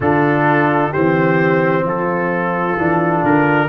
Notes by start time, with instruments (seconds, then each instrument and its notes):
0.00 tuba D3, trombone D4, horn F4, trumpet A4
0.90 tuba E3, trombone C4, horn G4, trumpet C5
1.83 tuba F3, horn F4, trumpet A4
2.76 tuba E3, trombone D4
3.23 tuba D3, trumpet A#4